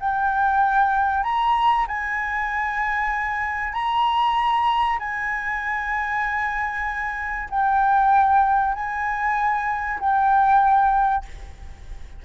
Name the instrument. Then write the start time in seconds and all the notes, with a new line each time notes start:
flute
0.00 G5
1.24 A#5
1.88 G#5
3.73 A#5
4.99 G#5
7.50 G5
8.74 G#5
10.00 G5